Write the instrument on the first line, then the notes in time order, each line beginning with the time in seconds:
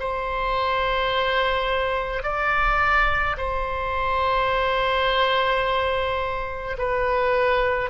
oboe
0.00 C5
2.23 D5
3.37 C5
6.78 B4